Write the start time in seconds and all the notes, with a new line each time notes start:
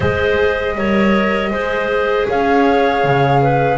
0.00 G#3 G#4 C5 D#5
0.75 G3 A#4 C#5
1.50 G#3 G#4 C5
2.29 C#4 C#5 F5
3.04 C#3
3.42 B4